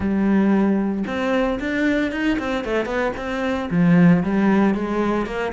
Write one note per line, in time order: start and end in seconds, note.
0.00 1.04 G3
1.06 1.59 C4
1.59 2.11 D4
2.11 2.38 D#4
2.39 2.64 C4
2.64 2.85 A3
2.85 3.12 B3
3.16 3.69 C4
3.70 4.23 F3
4.23 4.74 G3
4.74 5.26 G#3
5.26 5.52 A#3